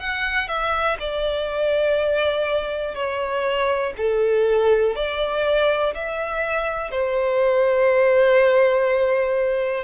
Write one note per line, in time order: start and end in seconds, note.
0.00 0.48 F#5
0.48 0.97 E5
1.00 2.95 D5
2.95 3.93 C#5
3.97 4.96 A4
4.96 5.94 D5
5.95 6.92 E5
6.92 9.85 C5